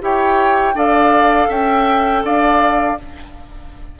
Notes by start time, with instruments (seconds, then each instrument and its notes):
0.00 bassoon E4, clarinet G4, oboe C#5, flute G5
0.74 bassoon D4, clarinet A4, oboe D5, flute F5
1.48 bassoon C#4, oboe E5, flute G5
2.23 bassoon D4, oboe D5, flute F5